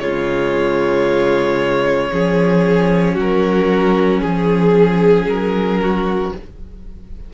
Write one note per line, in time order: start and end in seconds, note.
0.00 2.11 C#3
0.00 2.11 G#3
0.00 2.11 F4
0.00 3.16 C#5
2.11 3.16 F3
2.11 6.32 C#4
2.11 3.14 G#4
3.14 4.21 F#3
3.14 4.19 F#4
3.14 4.21 A#4
4.21 5.26 F3
4.21 5.26 G#4
4.21 5.81 G#4
5.26 6.32 F#3
5.26 6.33 A#4
5.81 6.34 F#4